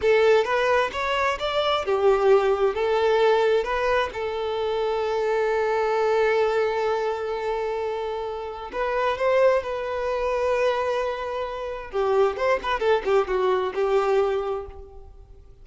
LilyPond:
\new Staff \with { instrumentName = "violin" } { \time 4/4 \tempo 4 = 131 a'4 b'4 cis''4 d''4 | g'2 a'2 | b'4 a'2.~ | a'1~ |
a'2. b'4 | c''4 b'2.~ | b'2 g'4 c''8 b'8 | a'8 g'8 fis'4 g'2 | }